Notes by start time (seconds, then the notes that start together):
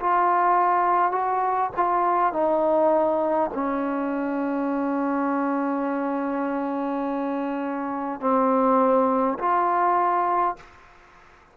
0.00 F4
1.12 F#4
1.76 F4
2.33 D#4
3.54 C#4
8.20 C4
9.39 F4